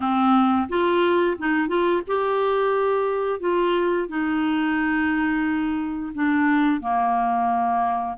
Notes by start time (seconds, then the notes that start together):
0.00 C4
0.68 F4
1.38 D#4
1.68 F4
2.07 G4
3.40 F4
4.08 D#4
6.14 D4
6.81 A#3